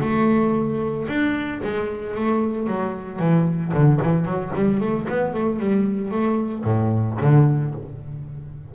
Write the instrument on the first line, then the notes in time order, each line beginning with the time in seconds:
double bass
0.00 A3
1.08 D4
1.64 G#3
2.15 A3
2.67 F#3
3.19 E3
3.73 D3
4.02 E3
4.25 F#3
4.55 G3
4.80 A3
5.09 B3
5.33 A3
5.59 G3
6.11 A3
6.64 A2
7.21 D3